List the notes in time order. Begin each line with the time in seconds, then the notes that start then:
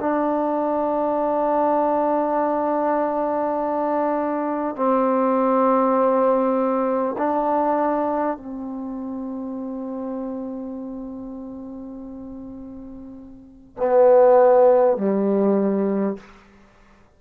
0.00 D4
4.76 C4
7.18 D4
8.37 C4
13.77 B3
14.97 G3